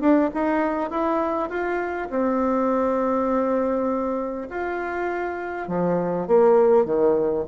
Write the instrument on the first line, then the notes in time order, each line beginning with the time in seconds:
bassoon
0.00 D4
0.34 D#4
0.90 E4
1.49 F4
2.10 C4
4.50 F4
5.68 F3
6.27 A#3
6.85 D#3